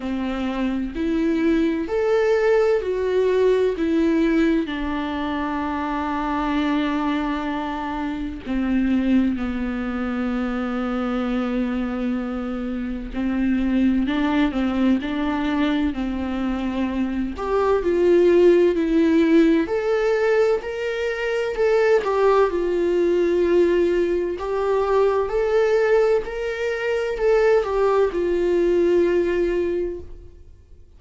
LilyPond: \new Staff \with { instrumentName = "viola" } { \time 4/4 \tempo 4 = 64 c'4 e'4 a'4 fis'4 | e'4 d'2.~ | d'4 c'4 b2~ | b2 c'4 d'8 c'8 |
d'4 c'4. g'8 f'4 | e'4 a'4 ais'4 a'8 g'8 | f'2 g'4 a'4 | ais'4 a'8 g'8 f'2 | }